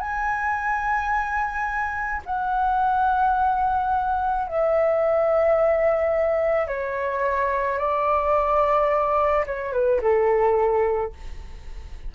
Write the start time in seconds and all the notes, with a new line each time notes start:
0.00 G#5
2.25 F#5
4.47 E5
6.68 C#5
7.78 D5
9.46 C#5
9.73 B4
10.02 A4